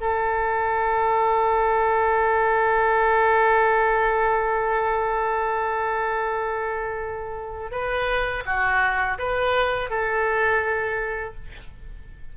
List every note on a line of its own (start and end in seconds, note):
0.00 7.71 A4
7.71 8.43 B4
8.45 9.18 F#4
9.18 9.90 B4
9.90 11.34 A4